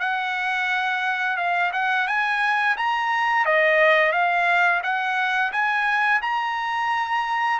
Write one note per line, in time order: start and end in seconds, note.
0.00 1.37 F#5
1.37 1.71 F5
1.73 2.07 F#5
2.07 2.76 G#5
2.77 3.45 A#5
3.45 4.12 D#5
4.12 4.81 F5
4.83 5.52 F#5
5.52 6.21 G#5
6.22 7.60 A#5